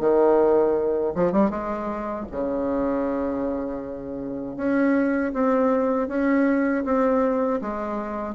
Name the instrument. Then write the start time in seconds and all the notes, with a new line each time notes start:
bassoon
0.00 D#3
1.15 F3
1.33 G3
1.51 G#3
2.32 C#3
4.57 C#4
5.34 C4
6.08 C#4
6.85 C4
7.62 G#3